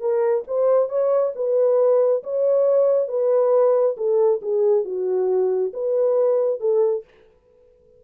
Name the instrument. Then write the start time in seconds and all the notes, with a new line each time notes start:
horn
0.00 A#4
0.47 C5
0.89 C#5
1.35 B4
2.23 C#5
3.08 B4
3.97 A4
4.42 G#4
4.85 F#4
5.73 B4
6.60 A4